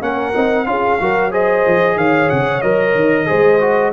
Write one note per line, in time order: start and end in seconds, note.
0.00 0.33 A#3
0.00 0.33 C#4
0.00 0.66 A#4
0.00 0.66 F#5
0.33 0.66 C4
0.33 0.65 D#4
0.65 0.99 C#4
0.65 0.98 F4
0.65 1.01 G#4
0.65 1.31 F5
0.99 1.65 F#3
0.99 1.31 F#4
0.99 1.31 A#4
1.31 2.61 G#4
1.31 1.96 C5
1.31 1.98 D#5
1.66 1.95 F3
1.95 2.28 D#3
1.95 3.27 C#5
1.95 2.29 F5
2.29 2.63 C#3
2.29 2.61 F#5
2.61 2.95 F#3
2.61 3.26 A#4
2.61 3.91 D#5
2.95 3.27 D#3
3.26 3.93 G#3
3.26 3.59 G#4
3.26 3.92 C5
3.60 3.92 F#4